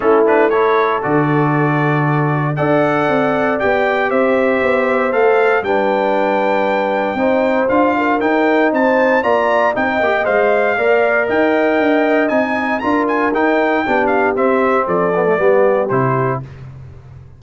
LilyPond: <<
  \new Staff \with { instrumentName = "trumpet" } { \time 4/4 \tempo 4 = 117 a'8 b'8 cis''4 d''2~ | d''4 fis''2 g''4 | e''2 f''4 g''4~ | g''2. f''4 |
g''4 a''4 ais''4 g''4 | f''2 g''2 | gis''4 ais''8 gis''8 g''4. f''8 | e''4 d''2 c''4 | }
  \new Staff \with { instrumentName = "horn" } { \time 4/4 e'4 a'2.~ | a'4 d''2. | c''2. b'4~ | b'2 c''4. ais'8~ |
ais'4 c''4 d''4 dis''4~ | dis''4 d''4 dis''2~ | dis''4 ais'2 g'4~ | g'4 a'4 g'2 | }
  \new Staff \with { instrumentName = "trombone" } { \time 4/4 cis'8 d'8 e'4 fis'2~ | fis'4 a'2 g'4~ | g'2 a'4 d'4~ | d'2 dis'4 f'4 |
dis'2 f'4 dis'8 g'8 | c''4 ais'2. | dis'4 f'4 dis'4 d'4 | c'4. b16 a16 b4 e'4 | }
  \new Staff \with { instrumentName = "tuba" } { \time 4/4 a2 d2~ | d4 d'4 c'4 b4 | c'4 b4 a4 g4~ | g2 c'4 d'4 |
dis'4 c'4 ais4 c'8 ais8 | gis4 ais4 dis'4 d'4 | c'4 d'4 dis'4 b4 | c'4 f4 g4 c4 | }
>>